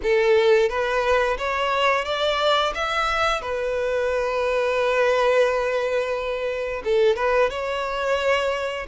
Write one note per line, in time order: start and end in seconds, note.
0.02 0.68 A4
0.68 1.37 B4
1.38 2.05 C#5
2.05 2.73 D5
2.74 3.41 E5
3.41 6.82 B4
6.84 7.16 A4
7.16 7.50 B4
7.50 8.86 C#5